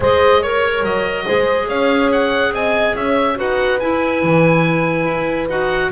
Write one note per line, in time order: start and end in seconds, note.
0.00 0.83 G#3
0.00 0.43 G#4
0.00 0.40 C5
0.00 0.42 D#5
0.40 1.25 A#4
0.40 1.25 C#5
0.40 0.84 C#5
0.83 1.25 F#3
0.83 1.68 D#5
1.25 1.68 G#3
1.25 3.35 G#4
1.25 1.68 C5
1.68 2.51 C#4
1.68 2.53 C#5
1.68 2.10 F5
2.12 2.54 F#5
2.51 2.93 C4
2.51 2.96 D#5
2.51 2.95 G#5
2.95 3.38 C#4
2.95 3.37 C#5
2.95 3.38 E5
3.35 3.81 D#4
3.35 3.78 F#4
3.35 5.91 B4
3.35 3.79 F#5
3.79 5.49 E4
3.79 4.23 E4
3.79 5.48 G#5
4.23 5.05 E3
5.05 5.48 E4
5.48 5.90 D#4
5.48 5.91 F#4
5.48 5.91 F#5